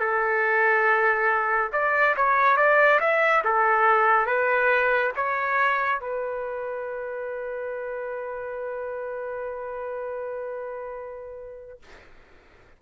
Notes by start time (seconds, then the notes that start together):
0.00 A4
1.73 D5
2.16 C#5
2.57 D5
3.00 E5
3.44 A4
4.26 B4
5.16 C#5
6.01 B4